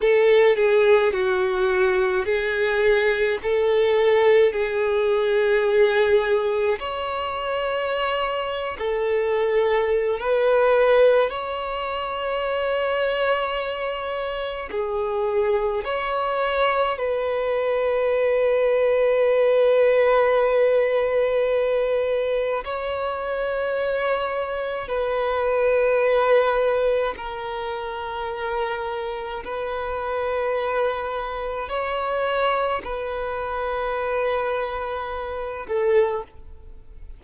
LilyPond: \new Staff \with { instrumentName = "violin" } { \time 4/4 \tempo 4 = 53 a'8 gis'8 fis'4 gis'4 a'4 | gis'2 cis''4.~ cis''16 a'16~ | a'4 b'4 cis''2~ | cis''4 gis'4 cis''4 b'4~ |
b'1 | cis''2 b'2 | ais'2 b'2 | cis''4 b'2~ b'8 a'8 | }